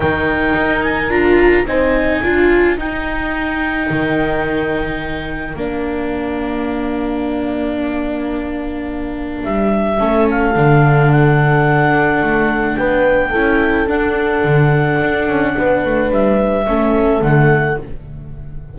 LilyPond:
<<
  \new Staff \with { instrumentName = "clarinet" } { \time 4/4 \tempo 4 = 108 g''4. gis''8 ais''4 gis''4~ | gis''4 g''2.~ | g''2 f''2~ | f''1~ |
f''4 e''4. f''4. | fis''2. g''4~ | g''4 fis''2.~ | fis''4 e''2 fis''4 | }
  \new Staff \with { instrumentName = "horn" } { \time 4/4 ais'2. c''4 | ais'1~ | ais'1~ | ais'1~ |
ais'2 a'2~ | a'2. b'4 | a'1 | b'2 a'2 | }
  \new Staff \with { instrumentName = "viola" } { \time 4/4 dis'2 f'4 dis'4 | f'4 dis'2.~ | dis'2 d'2~ | d'1~ |
d'2 cis'4 d'4~ | d'1 | e'4 d'2.~ | d'2 cis'4 a4 | }
  \new Staff \with { instrumentName = "double bass" } { \time 4/4 dis4 dis'4 d'4 c'4 | d'4 dis'2 dis4~ | dis2 ais2~ | ais1~ |
ais4 g4 a4 d4~ | d2 a4 b4 | cis'4 d'4 d4 d'8 cis'8 | b8 a8 g4 a4 d4 | }
>>